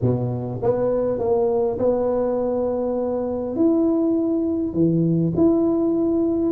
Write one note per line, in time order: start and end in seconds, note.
0.01 0.60 B2
0.62 1.19 B3
1.19 1.78 A#3
1.78 3.56 B3
3.56 4.73 E4
4.73 5.32 E3
5.36 6.52 E4